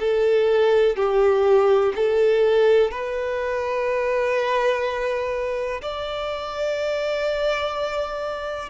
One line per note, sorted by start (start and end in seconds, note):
0.00 0.96 A4
0.96 1.93 G4
1.96 2.91 A4
2.91 5.82 B4
5.82 8.70 D5